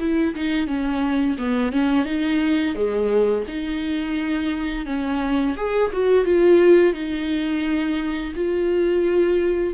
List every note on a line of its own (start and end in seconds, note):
0.00 0.35 E4
0.36 0.68 D#4
0.68 1.37 C#4
1.38 1.73 B3
1.73 2.05 C#4
2.05 2.75 D#4
2.75 3.45 G#3
3.48 4.86 D#4
4.86 5.56 C#4
5.57 5.92 G#4
5.93 6.25 F#4
6.25 6.94 F4
6.94 8.33 D#4
8.36 9.74 F4